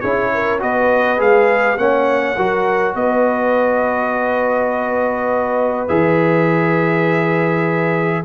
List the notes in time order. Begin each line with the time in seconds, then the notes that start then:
0.00 C#4 E4 G#4 C#5
0.34 A#4
0.59 B3 F#4 B4 D#5
1.18 G#3 G#4 F5
1.77 A#3 C#4 C#5 F#5
2.36 F#3 F#4 A#4
2.95 B3 B4 D#5
5.88 E3 G#4 E5